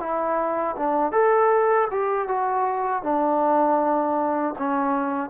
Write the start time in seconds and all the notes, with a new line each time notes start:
0.00 E4
0.77 D4
1.13 A4
1.92 G4
2.28 F#4
3.03 D4
4.59 C#4